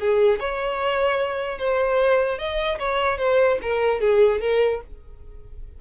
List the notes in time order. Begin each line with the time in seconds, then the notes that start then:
0.00 G#4
0.40 C#5
1.59 C5
2.38 D#5
2.79 C#5
3.18 C5
3.62 A#4
4.00 G#4
4.41 A#4